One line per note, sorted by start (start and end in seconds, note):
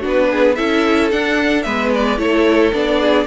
0.00 0.58 B3
0.00 0.55 D4
0.00 0.27 F#4
0.08 0.55 B4
0.31 0.57 G#4
0.55 1.13 C#4
0.55 1.11 E4
0.55 1.65 A4
0.55 1.09 E5
1.11 1.65 D4
1.11 1.66 D4
1.11 1.62 F#5
1.62 2.18 G#3
1.62 2.18 B3
1.62 2.19 B4
1.62 1.89 E5
1.95 2.19 D5
2.18 2.72 A3
2.18 2.72 E4
2.18 3.00 A4
2.18 2.73 C#5
2.73 3.26 B3
2.73 3.26 D4
2.73 3.26 D5
3.00 3.26 G#4